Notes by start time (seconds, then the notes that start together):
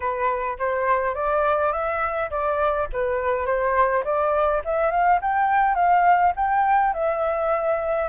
0.00 B4
0.58 C5
1.14 D5
1.72 E5
2.30 D5
2.92 B4
3.45 C5
4.04 D5
4.64 E5
4.90 F5
5.21 G5
5.75 F5
6.35 G5
6.93 E5